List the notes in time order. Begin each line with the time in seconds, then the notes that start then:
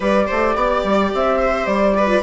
0.00 G3 G4 B4 D5
0.26 A3 C5
0.55 B3 D5
0.83 G3
1.14 C4 E5
1.38 C5
1.66 G3 D5
1.97 B4
2.07 F4